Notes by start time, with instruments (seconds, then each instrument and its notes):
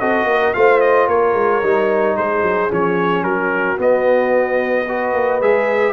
0.00 tuba C4, trombone F#4, horn A4, trumpet D#5
0.24 tuba A#3
0.30 horn A#4
0.54 tuba A3, trombone F4, horn C5, trumpet F5
0.81 trumpet D#5
1.08 tuba A#3, horn A#4, trumpet C#5
1.34 tuba G#3
1.63 tuba G3, trombone D#4
2.17 tuba G#3, horn G#4, trumpet C5
2.43 tuba F#3
2.70 tuba F3, trombone C#4, trumpet C#5
3.23 tuba F#3, horn F#4, trumpet A#4
3.78 trombone B3, tuba B3, trumpet D#5
4.89 trombone F#4, horn B4
5.14 tuba A#3
5.41 tuba G#3, trombone G#4, trumpet E5